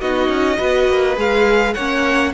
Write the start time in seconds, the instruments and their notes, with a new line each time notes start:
0.00 cello B3, viola D#4, violin F#4 D#5
0.28 cello C#4
0.57 cello B3, viola F#4, violin B4
0.88 cello A#3
1.16 cello G#3, viola G#4, violin F5
1.73 cello A#3, viola C#4, violin C#5 F#5